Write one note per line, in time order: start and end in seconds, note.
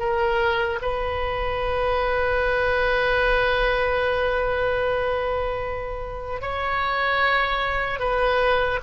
0.00 0.80 A#4
0.82 6.42 B4
6.42 8.00 C#5
8.00 8.80 B4